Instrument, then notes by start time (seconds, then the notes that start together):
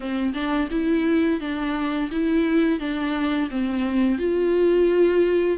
viola
0.00 C4
0.33 D4
0.70 E4
1.40 D4
2.11 E4
2.79 D4
3.50 C4
4.18 F4